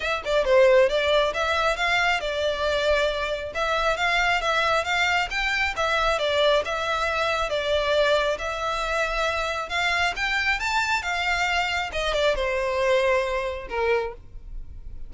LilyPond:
\new Staff \with { instrumentName = "violin" } { \time 4/4 \tempo 4 = 136 e''8 d''8 c''4 d''4 e''4 | f''4 d''2. | e''4 f''4 e''4 f''4 | g''4 e''4 d''4 e''4~ |
e''4 d''2 e''4~ | e''2 f''4 g''4 | a''4 f''2 dis''8 d''8 | c''2. ais'4 | }